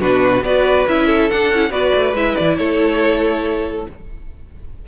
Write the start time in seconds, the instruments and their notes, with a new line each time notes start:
0.00 cello B2, viola D4, violin F#4 B4
0.42 cello B3, viola F#4, violin B4 D5
0.88 cello C#4, viola E4, violin E5
1.06 violin A4
1.30 viola D4, cello D4, violin F#5
1.51 cello C#4, viola E4
1.71 cello B3, viola F#4, violin B4 D5
1.95 cello A3
2.13 cello G#3, viola E4, violin E5
2.36 cello E3, violin D5
2.57 cello A3, violin A4 C#5